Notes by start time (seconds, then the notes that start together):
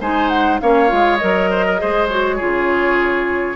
0.00 G#3 D#4 C5 G#5
0.28 F#5
0.60 A#3 C#4 C#5 F5
0.88 G#3 F4
1.17 F#3 A#4 D#5
1.50 C5
1.65 A#4
1.78 G#3 G#4 C5
2.09 F#4 C#5
2.36 C#3 F4 G#4